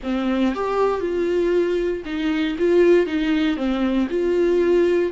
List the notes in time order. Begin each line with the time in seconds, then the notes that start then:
0.03 C4
0.54 G4
1.00 F4
2.05 D#4
2.58 F4
3.06 D#4
3.56 C4
4.09 F4